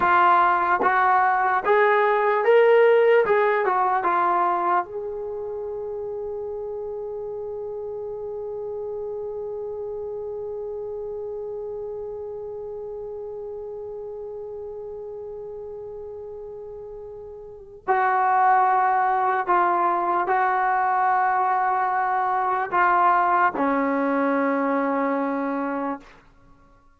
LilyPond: \new Staff \with { instrumentName = "trombone" } { \time 4/4 \tempo 4 = 74 f'4 fis'4 gis'4 ais'4 | gis'8 fis'8 f'4 gis'2~ | gis'1~ | gis'1~ |
gis'1~ | gis'2 fis'2 | f'4 fis'2. | f'4 cis'2. | }